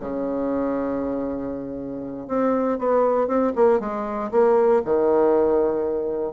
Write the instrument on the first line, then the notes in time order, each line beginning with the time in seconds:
bassoon
0.00 C#3
2.28 C4
2.79 B3
3.27 C4
3.55 A#3
3.80 G#3
4.31 A#3
4.85 D#3